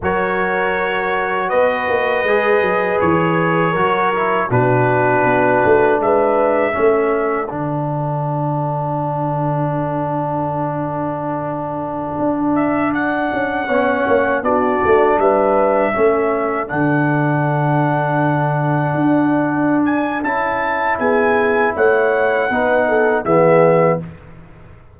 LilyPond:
<<
  \new Staff \with { instrumentName = "trumpet" } { \time 4/4 \tempo 4 = 80 cis''2 dis''2 | cis''2 b'2 | e''2 fis''2~ | fis''1~ |
fis''8. e''8 fis''2 d''8.~ | d''16 e''2 fis''4.~ fis''16~ | fis''2~ fis''8 gis''8 a''4 | gis''4 fis''2 e''4 | }
  \new Staff \with { instrumentName = "horn" } { \time 4/4 ais'2 b'2~ | b'4 ais'4 fis'2 | b'4 a'2.~ | a'1~ |
a'2~ a'16 cis''4 fis'8.~ | fis'16 b'4 a'2~ a'8.~ | a'1 | gis'4 cis''4 b'8 a'8 gis'4 | }
  \new Staff \with { instrumentName = "trombone" } { \time 4/4 fis'2. gis'4~ | gis'4 fis'8 e'8 d'2~ | d'4 cis'4 d'2~ | d'1~ |
d'2~ d'16 cis'4 d'8.~ | d'4~ d'16 cis'4 d'4.~ d'16~ | d'2. e'4~ | e'2 dis'4 b4 | }
  \new Staff \with { instrumentName = "tuba" } { \time 4/4 fis2 b8 ais8 gis8 fis8 | e4 fis4 b,4 b8 a8 | gis4 a4 d2~ | d1~ |
d16 d'4. cis'8 b8 ais8 b8 a16~ | a16 g4 a4 d4.~ d16~ | d4~ d16 d'4.~ d'16 cis'4 | b4 a4 b4 e4 | }
>>